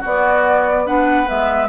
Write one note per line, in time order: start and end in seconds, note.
0.00 1.29 B3
0.00 0.86 B3
0.00 0.83 F#4
0.06 0.87 D5
0.86 1.26 D4
0.86 1.69 B4
0.86 1.28 F#5
1.26 1.69 G#3
1.26 1.67 B3
1.26 1.69 E5